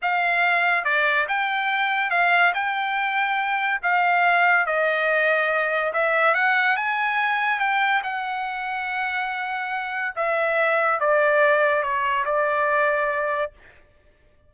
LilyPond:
\new Staff \with { instrumentName = "trumpet" } { \time 4/4 \tempo 4 = 142 f''2 d''4 g''4~ | g''4 f''4 g''2~ | g''4 f''2 dis''4~ | dis''2 e''4 fis''4 |
gis''2 g''4 fis''4~ | fis''1 | e''2 d''2 | cis''4 d''2. | }